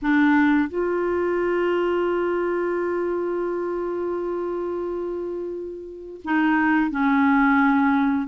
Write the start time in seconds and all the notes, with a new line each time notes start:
0.02 D4
0.69 F4
6.24 D#4
6.90 C#4